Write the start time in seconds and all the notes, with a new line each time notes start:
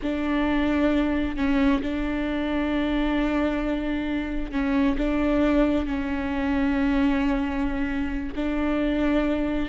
0.02 D4
1.36 C#4
1.82 D4
4.51 C#4
4.97 D4
5.86 C#4
8.35 D4